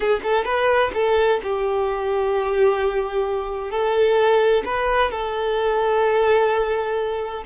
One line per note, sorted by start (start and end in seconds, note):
0.00 0.20 G#4
0.23 0.44 A4
0.44 0.91 B4
0.93 1.40 A4
1.43 3.70 G4
3.70 4.63 A4
4.65 5.11 B4
5.11 7.43 A4